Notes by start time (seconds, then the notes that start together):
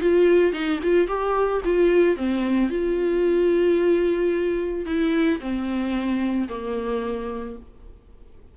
0.00 F4
0.52 D#4
0.83 F4
1.07 G4
1.64 F4
2.16 C4
2.70 F4
4.85 E4
5.40 C4
6.48 A#3